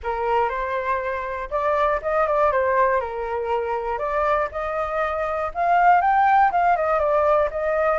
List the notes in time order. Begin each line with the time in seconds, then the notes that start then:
0.03 A#4
0.49 C5
1.50 D5
2.02 D#5
2.27 D5
2.51 C5
3.00 A#4
3.98 D5
4.51 D#5
5.54 F5
6.01 G5
6.51 F5
6.76 D#5
6.99 D5
7.50 D#5